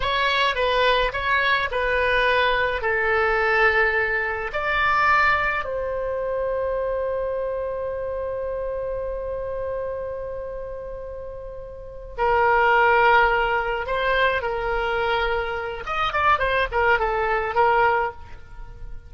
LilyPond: \new Staff \with { instrumentName = "oboe" } { \time 4/4 \tempo 4 = 106 cis''4 b'4 cis''4 b'4~ | b'4 a'2. | d''2 c''2~ | c''1~ |
c''1~ | c''4. ais'2~ ais'8~ | ais'8 c''4 ais'2~ ais'8 | dis''8 d''8 c''8 ais'8 a'4 ais'4 | }